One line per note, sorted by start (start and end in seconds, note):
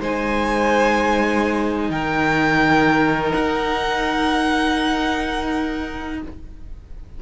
0.00 1.89 G#3
0.00 6.21 D#4
0.00 1.91 C5
0.00 1.90 G#5
1.89 3.32 D#3
1.89 6.20 A#4
1.89 3.32 G5
3.32 6.22 D#4
3.32 6.18 F#5